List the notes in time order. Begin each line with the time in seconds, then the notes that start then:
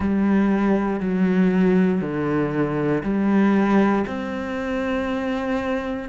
0.00 G3
1.00 F#3
2.01 D3
3.03 G3
4.07 C4